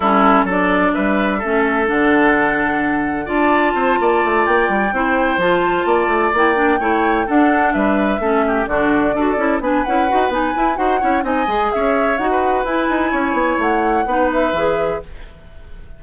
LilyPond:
<<
  \new Staff \with { instrumentName = "flute" } { \time 4/4 \tempo 4 = 128 a'4 d''4 e''2 | fis''2. a''4~ | a''4. g''2 a''8~ | a''4. g''2 fis''8~ |
fis''8 e''2 d''4.~ | d''8 gis''8 fis''4 gis''4 fis''4 | gis''4 e''4 fis''4 gis''4~ | gis''4 fis''4. e''4. | }
  \new Staff \with { instrumentName = "oboe" } { \time 4/4 e'4 a'4 b'4 a'4~ | a'2. d''4 | c''8 d''2 c''4.~ | c''8 d''2 cis''4 a'8~ |
a'8 b'4 a'8 g'8 fis'4 a'8~ | a'8 b'2~ b'8 c''8 cis''8 | dis''4 cis''4~ cis''16 b'4.~ b'16 | cis''2 b'2 | }
  \new Staff \with { instrumentName = "clarinet" } { \time 4/4 cis'4 d'2 cis'4 | d'2. f'4~ | f'2~ f'8 e'4 f'8~ | f'4. e'8 d'8 e'4 d'8~ |
d'4. cis'4 d'4 fis'8 | e'8 d'8 e'8 fis'8 dis'8 e'8 fis'8 e'8 | dis'8 gis'4. fis'4 e'4~ | e'2 dis'4 gis'4 | }
  \new Staff \with { instrumentName = "bassoon" } { \time 4/4 g4 fis4 g4 a4 | d2. d'4 | c'8 ais8 a8 ais8 g8 c'4 f8~ | f8 ais8 a8 ais4 a4 d'8~ |
d'8 g4 a4 d4 d'8 | cis'8 b8 cis'8 dis'8 b8 e'8 dis'8 cis'8 | c'8 gis8 cis'4 dis'4 e'8 dis'8 | cis'8 b8 a4 b4 e4 | }
>>